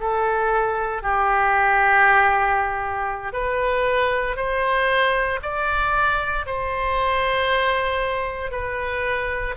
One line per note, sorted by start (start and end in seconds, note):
0.00 1.03 A4
1.03 3.33 G4
3.33 4.36 B4
4.36 5.40 C5
5.42 6.46 D5
6.46 8.52 C5
8.52 9.55 B4